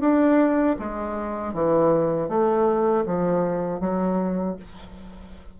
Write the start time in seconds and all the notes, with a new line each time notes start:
0.00 D4
0.79 G#3
1.53 E3
2.29 A3
3.06 F3
3.80 F#3